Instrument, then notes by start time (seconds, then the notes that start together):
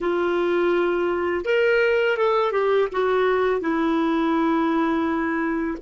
clarinet
0.00 F4
1.45 A#4
2.17 A4
2.52 G4
2.91 F#4
3.60 E4